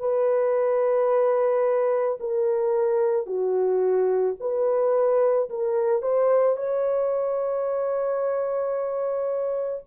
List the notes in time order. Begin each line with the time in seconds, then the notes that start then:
0.00 B4
2.20 A#4
3.26 F#4
4.40 B4
5.50 A#4
6.02 C5
6.57 C#5